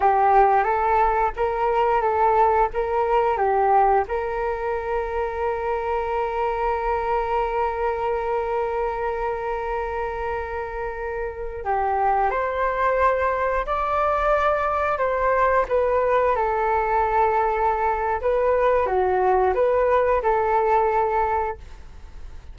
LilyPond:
\new Staff \with { instrumentName = "flute" } { \time 4/4 \tempo 4 = 89 g'4 a'4 ais'4 a'4 | ais'4 g'4 ais'2~ | ais'1~ | ais'1~ |
ais'4~ ais'16 g'4 c''4.~ c''16~ | c''16 d''2 c''4 b'8.~ | b'16 a'2~ a'8. b'4 | fis'4 b'4 a'2 | }